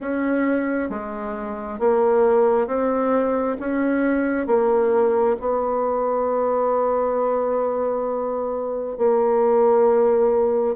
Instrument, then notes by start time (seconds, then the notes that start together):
bassoon
0.00 C#4
0.89 G#3
1.79 A#3
2.67 C4
3.59 C#4
4.46 A#3
5.39 B3
8.97 A#3